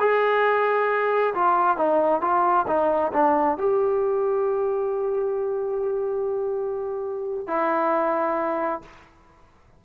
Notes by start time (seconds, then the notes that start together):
0.00 G#4
1.35 F4
1.77 D#4
2.22 F4
2.68 D#4
3.13 D4
3.58 G4
7.48 E4